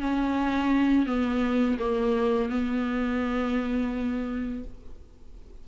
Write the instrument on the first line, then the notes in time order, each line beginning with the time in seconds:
viola
0.00 C#4
1.06 B3
1.79 A#3
2.49 B3